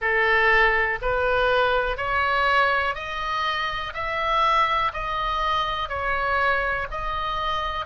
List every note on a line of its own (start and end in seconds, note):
0.00 0.99 A4
1.01 1.97 B4
1.97 2.94 C#5
2.94 3.93 D#5
3.93 4.92 E5
4.93 5.88 D#5
5.88 6.87 C#5
6.90 7.85 D#5